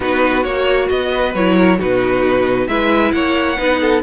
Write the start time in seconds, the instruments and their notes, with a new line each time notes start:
0.00 cello B3, viola D#4, violin F#4 B4
0.43 cello A#3, viola F#4, violin C#5
0.89 cello B3, violin D#5
1.11 violin B4
1.34 cello F#3, viola E4, violin C#5
1.58 violin A#4
1.78 cello B2, viola D#4, violin F#4 B4
2.67 cello G#3, viola E4, violin B4 E5
3.12 cello A#3, violin C#5 F#5
3.56 cello B3, viola D#4, violin B4
3.81 violin A4